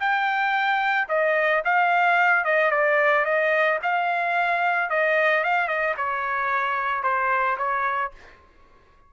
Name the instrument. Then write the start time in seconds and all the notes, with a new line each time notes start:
trumpet
0.00 G5
1.09 D#5
1.65 F5
2.45 D#5
2.71 D5
3.25 D#5
3.83 F5
4.90 D#5
5.44 F5
5.68 D#5
5.97 C#5
7.03 C5
7.57 C#5